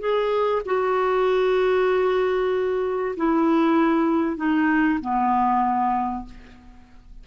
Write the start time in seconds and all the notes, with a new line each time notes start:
0.00 G#4
0.66 F#4
3.16 E4
4.37 D#4
5.01 B3